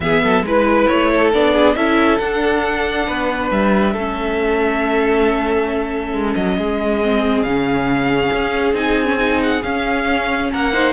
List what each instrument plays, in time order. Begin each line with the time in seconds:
0.00 cello E3, viola B3, violin G#4 E5
0.23 cello F#3, violin A4
0.42 cello G#3, viola E4, violin B4
0.87 cello A3, violin C#5
1.11 violin A4
1.33 cello B3, viola D4, violin D5
1.53 violin G#4
1.75 cello C#4, viola E4, violin A4 E5
2.18 cello D4, viola D4, violin F#5
3.07 cello B3, violin B4
3.51 cello G3, violin E5
3.93 cello A3, viola C#4, violin A4
6.12 cello G#3
6.34 cello F#3, violin D#5
6.57 cello G#3, violin G#4
7.03 viola C4
7.42 cello C#3, viola C#4, violin F5
8.32 cello C#4
8.73 cello C4, viola D#4, violin G#5
9.05 viola C#4
9.17 viola D#4
9.42 violin F#5
9.62 cello C#4, viola C#4, violin F5
10.51 cello A#3, violin A#4 F#5
10.72 viola D#4, violin C5